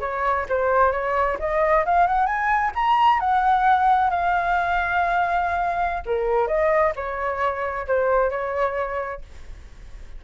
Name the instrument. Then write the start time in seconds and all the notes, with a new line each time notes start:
flute
0.00 C#5
0.49 C5
0.92 C#5
1.39 D#5
1.85 F5
2.07 F#5
2.26 G#5
2.75 A#5
3.19 F#5
4.10 F5
6.05 A#4
6.47 D#5
6.95 C#5
7.87 C5
8.30 C#5